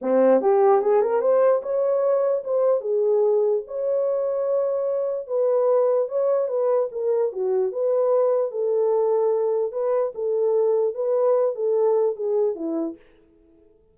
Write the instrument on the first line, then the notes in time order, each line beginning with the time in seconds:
horn
0.01 C4
0.41 G4
0.81 G#4
1.01 A#4
1.21 C5
1.62 C#5
2.43 C5
2.80 G#4
3.67 C#5
5.27 B4
6.08 C#5
6.48 B4
6.91 A#4
7.32 F#4
7.72 B4
8.51 A4
9.72 B4
10.14 A4
10.94 B4
11.55 A4
12.16 G#4
12.55 E4